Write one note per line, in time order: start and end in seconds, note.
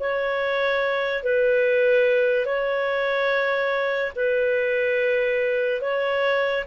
0.00 1.23 C#5
1.23 2.46 B4
2.46 4.12 C#5
4.16 5.81 B4
5.81 6.65 C#5